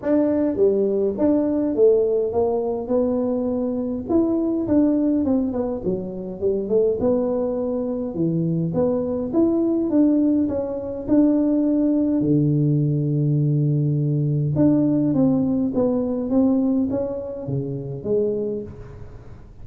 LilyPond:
\new Staff \with { instrumentName = "tuba" } { \time 4/4 \tempo 4 = 103 d'4 g4 d'4 a4 | ais4 b2 e'4 | d'4 c'8 b8 fis4 g8 a8 | b2 e4 b4 |
e'4 d'4 cis'4 d'4~ | d'4 d2.~ | d4 d'4 c'4 b4 | c'4 cis'4 cis4 gis4 | }